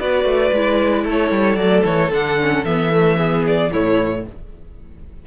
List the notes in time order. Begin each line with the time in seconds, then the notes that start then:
0.00 B3 F#4 B4 D5
0.25 A3
0.53 G#3 E4
1.04 A3 A4
1.11 C#5
1.32 G3
1.57 F#3 A3 D5
1.85 E3 C#5
2.11 D3 D4 F#5
2.41 C#4
2.65 E3 B3 E5
2.92 A3
3.18 B3 G#4
3.47 D5
3.72 A2 A3 E4 C#5